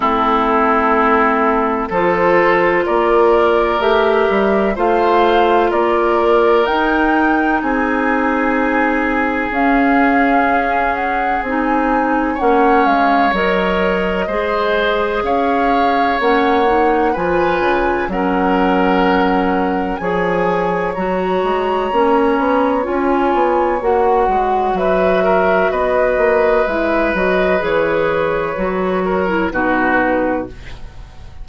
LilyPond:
<<
  \new Staff \with { instrumentName = "flute" } { \time 4/4 \tempo 4 = 63 a'2 c''4 d''4 | e''4 f''4 d''4 g''4 | gis''2 f''4. fis''8 | gis''4 fis''8 f''8 dis''2 |
f''4 fis''4 gis''4 fis''4~ | fis''4 gis''4 ais''2 | gis''4 fis''4 e''4 dis''4 | e''8 dis''8 cis''2 b'4 | }
  \new Staff \with { instrumentName = "oboe" } { \time 4/4 e'2 a'4 ais'4~ | ais'4 c''4 ais'2 | gis'1~ | gis'4 cis''2 c''4 |
cis''2 b'4 ais'4~ | ais'4 cis''2.~ | cis''2 b'8 ais'8 b'4~ | b'2~ b'8 ais'8 fis'4 | }
  \new Staff \with { instrumentName = "clarinet" } { \time 4/4 c'2 f'2 | g'4 f'2 dis'4~ | dis'2 cis'2 | dis'4 cis'4 ais'4 gis'4~ |
gis'4 cis'8 dis'8 f'4 cis'4~ | cis'4 gis'4 fis'4 cis'4 | f'4 fis'2. | e'8 fis'8 gis'4 fis'8. e'16 dis'4 | }
  \new Staff \with { instrumentName = "bassoon" } { \time 4/4 a2 f4 ais4 | a8 g8 a4 ais4 dis'4 | c'2 cis'2 | c'4 ais8 gis8 fis4 gis4 |
cis'4 ais4 f8 cis8 fis4~ | fis4 f4 fis8 gis8 ais8 b8 | cis'8 b8 ais8 gis8 fis4 b8 ais8 | gis8 fis8 e4 fis4 b,4 | }
>>